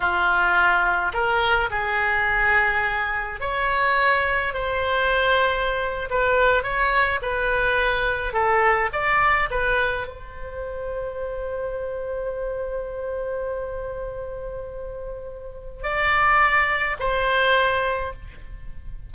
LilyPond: \new Staff \with { instrumentName = "oboe" } { \time 4/4 \tempo 4 = 106 f'2 ais'4 gis'4~ | gis'2 cis''2 | c''2~ c''8. b'4 cis''16~ | cis''8. b'2 a'4 d''16~ |
d''8. b'4 c''2~ c''16~ | c''1~ | c''1 | d''2 c''2 | }